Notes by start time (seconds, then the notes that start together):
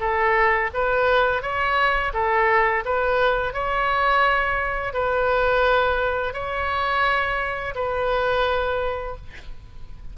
0.00 A4
0.74 B4
1.42 C#5
2.14 A4
2.85 B4
3.54 C#5
4.94 B4
6.34 C#5
7.75 B4